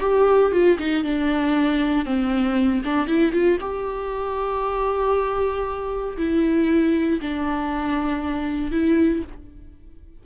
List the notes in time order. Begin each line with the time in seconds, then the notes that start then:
0.00 G4
0.52 F4
0.78 D#4
1.03 D4
2.05 C4
2.84 D4
3.07 E4
3.32 F4
3.60 G4
6.17 E4
7.21 D4
8.71 E4